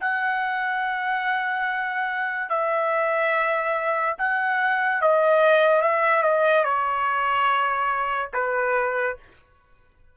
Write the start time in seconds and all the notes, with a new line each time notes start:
0.00 F#5
2.49 E5
4.18 F#5
5.01 D#5
5.82 E5
6.22 D#5
6.64 C#5
8.33 B4